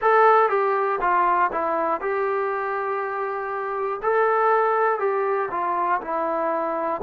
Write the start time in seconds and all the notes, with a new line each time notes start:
0.01 A4
0.49 G4
1.00 F4
1.52 E4
2.00 G4
4.02 A4
4.99 G4
5.50 F4
6.00 E4